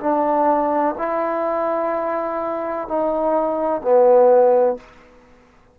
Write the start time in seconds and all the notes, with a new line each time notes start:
0.00 D4
0.98 E4
2.88 D#4
3.82 B3